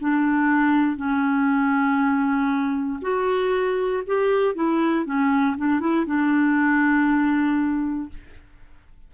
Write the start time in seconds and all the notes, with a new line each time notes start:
0.00 D4
0.96 C#4
3.02 F#4
4.06 G4
4.55 E4
5.06 C#4
5.57 D4
5.80 E4
6.06 D4